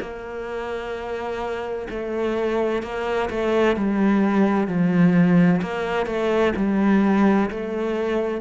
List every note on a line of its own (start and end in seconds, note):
0.00 1.87 A#3
1.90 2.83 A3
2.83 3.29 A#3
3.30 3.76 A3
3.76 4.67 G3
4.67 5.61 F3
5.62 6.06 A#3
6.06 6.53 A3
6.56 7.50 G3
7.50 8.41 A3